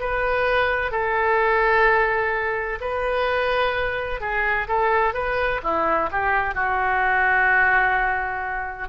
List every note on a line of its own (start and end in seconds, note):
0.00 0.92 B4
0.92 2.79 A4
2.81 4.21 B4
4.21 4.67 G#4
4.68 5.14 A4
5.14 5.61 B4
5.63 6.10 E4
6.11 6.55 G4
6.55 8.88 F#4